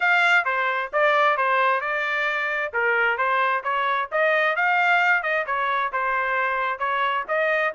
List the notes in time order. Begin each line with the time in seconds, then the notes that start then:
0.00 F5
0.44 C5
0.93 D5
1.37 C5
1.81 D5
2.73 A#4
3.17 C5
3.63 C#5
4.11 D#5
4.56 F5
5.22 D#5
5.46 C#5
5.92 C5
6.78 C#5
7.27 D#5